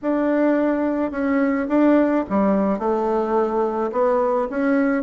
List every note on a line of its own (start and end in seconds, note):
0.02 1.11 D4
1.11 1.67 C#4
1.68 2.24 D4
2.29 2.78 G3
2.78 3.90 A3
3.92 4.48 B3
4.49 5.03 C#4